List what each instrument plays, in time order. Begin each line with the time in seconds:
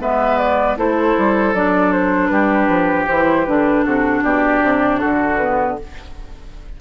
0.00 bassoon G#3, clarinet B3, oboe B4, flute E5
0.39 flute D5
0.77 bassoon A3, clarinet E4, oboe A4, flute C5
1.18 bassoon G3
1.54 bassoon F#3, clarinet D4, flute D5
1.93 flute C5
2.28 bassoon G3, oboe G4, flute B4
2.69 bassoon F3
3.08 bassoon E3, clarinet E4, flute C5
3.46 bassoon D3, clarinet D4, flute B4
3.84 bassoon C3, oboe F#4, flute A4
4.22 bassoon B2, oboe G4, flute D5
4.63 bassoon C3
5.00 bassoon D3, oboe F#4, flute A4
5.38 clarinet B3, flute B4